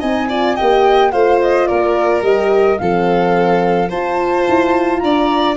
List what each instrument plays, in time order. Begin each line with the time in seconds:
0.00 tuba C4, horn D#4, violin D#5, flute G#5
0.29 horn F4, violin D5
0.56 tuba A#3, horn G4, violin D#5, flute G5
1.12 tuba A3, horn F4, violin C5, flute F5
1.42 flute D#5
1.67 tuba A#3, violin A#4, flute D5
2.22 tuba G3, horn G4, flute D#5
2.78 tuba F3, horn C4, violin A4, flute F5
3.89 horn F4, tuba F4, violin C5, flute A5
4.49 tuba E4
4.99 tuba D4, violin D5, flute A#5